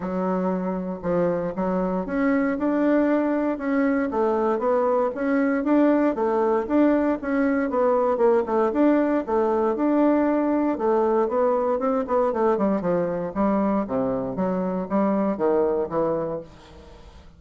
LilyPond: \new Staff \with { instrumentName = "bassoon" } { \time 4/4 \tempo 4 = 117 fis2 f4 fis4 | cis'4 d'2 cis'4 | a4 b4 cis'4 d'4 | a4 d'4 cis'4 b4 |
ais8 a8 d'4 a4 d'4~ | d'4 a4 b4 c'8 b8 | a8 g8 f4 g4 c4 | fis4 g4 dis4 e4 | }